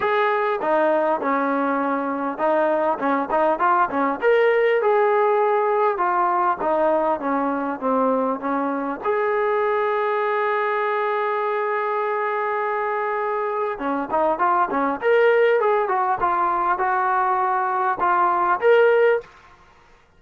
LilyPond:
\new Staff \with { instrumentName = "trombone" } { \time 4/4 \tempo 4 = 100 gis'4 dis'4 cis'2 | dis'4 cis'8 dis'8 f'8 cis'8 ais'4 | gis'2 f'4 dis'4 | cis'4 c'4 cis'4 gis'4~ |
gis'1~ | gis'2. cis'8 dis'8 | f'8 cis'8 ais'4 gis'8 fis'8 f'4 | fis'2 f'4 ais'4 | }